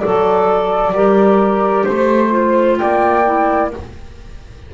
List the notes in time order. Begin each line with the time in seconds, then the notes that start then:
0.00 F#3 A4 D5
0.92 G3 G4 A#4
1.84 A3 C5
2.30 F4
2.78 A#3 D5 G5
3.25 E4